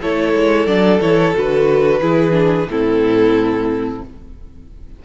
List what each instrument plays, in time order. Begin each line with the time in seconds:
0.00 cello A3, viola E4, violin A4 C#5
0.34 cello G#3
0.66 cello F#3, viola D4, violin D5
1.00 cello E3, viola E4, violin C#5
1.33 cello D3, viola F#4, violin B4
2.00 cello E3, viola E4, violin G#4
2.31 viola D4
2.66 cello A2, viola C4, violin E4 A4